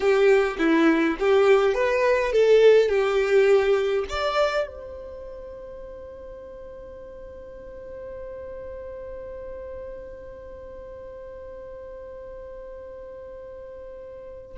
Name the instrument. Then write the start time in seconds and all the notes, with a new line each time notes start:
violin
0.00 G4
0.58 E4
1.19 G4
1.74 B4
2.32 A4
2.88 G4
4.09 D5
4.67 C5